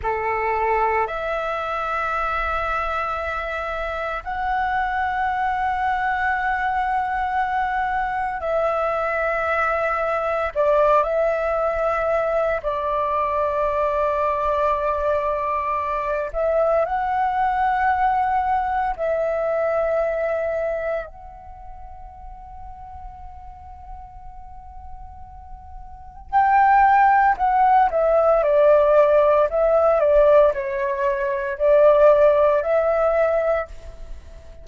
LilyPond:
\new Staff \with { instrumentName = "flute" } { \time 4/4 \tempo 4 = 57 a'4 e''2. | fis''1 | e''2 d''8 e''4. | d''2.~ d''8 e''8 |
fis''2 e''2 | fis''1~ | fis''4 g''4 fis''8 e''8 d''4 | e''8 d''8 cis''4 d''4 e''4 | }